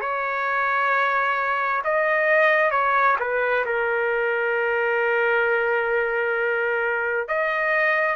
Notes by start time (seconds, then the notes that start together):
0.00 C#5
1.84 D#5
2.71 C#5
3.19 B4
3.65 A#4
7.28 D#5